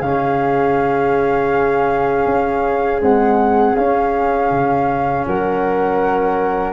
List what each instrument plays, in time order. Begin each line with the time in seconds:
0.00 tuba C#3, trombone C#4, flute G#4 F5
2.25 tuba C#4
3.01 trombone G#3, tuba C4, flute F#5
3.75 trombone C#4, tuba C#4, flute F5
4.50 tuba C#3
5.26 tuba F#3, flute A#4 F#5